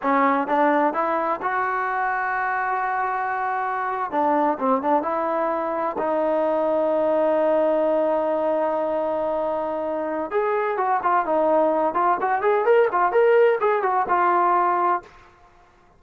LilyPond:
\new Staff \with { instrumentName = "trombone" } { \time 4/4 \tempo 4 = 128 cis'4 d'4 e'4 fis'4~ | fis'1~ | fis'8. d'4 c'8 d'8 e'4~ e'16~ | e'8. dis'2.~ dis'16~ |
dis'1~ | dis'2 gis'4 fis'8 f'8 | dis'4. f'8 fis'8 gis'8 ais'8 f'8 | ais'4 gis'8 fis'8 f'2 | }